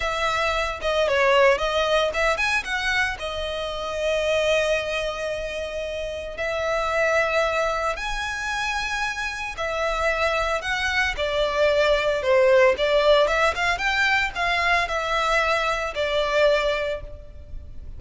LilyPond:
\new Staff \with { instrumentName = "violin" } { \time 4/4 \tempo 4 = 113 e''4. dis''8 cis''4 dis''4 | e''8 gis''8 fis''4 dis''2~ | dis''1 | e''2. gis''4~ |
gis''2 e''2 | fis''4 d''2 c''4 | d''4 e''8 f''8 g''4 f''4 | e''2 d''2 | }